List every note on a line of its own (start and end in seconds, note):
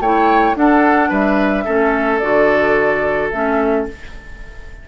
0.00 0.55 A3
0.00 0.56 E4
0.00 0.56 C#5
0.00 0.56 G5
0.55 1.10 D4
0.55 1.65 D4
0.55 1.09 A4
0.55 1.12 F#5
1.09 1.66 G3
1.09 1.64 B4
1.09 2.18 E5
1.65 2.22 A3
1.65 2.20 C#4
1.65 3.85 A4
2.18 3.32 D3
2.18 3.32 F#4
2.18 3.29 D5
3.31 3.88 A3
3.31 3.88 C#4
3.31 3.86 E5